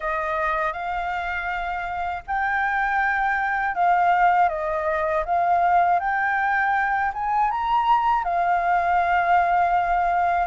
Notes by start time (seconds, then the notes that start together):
0.00 D#5
0.73 F5
2.27 G5
3.74 F5
4.49 D#5
5.25 F5
5.99 G5
7.13 G#5
7.50 A#5
8.24 F5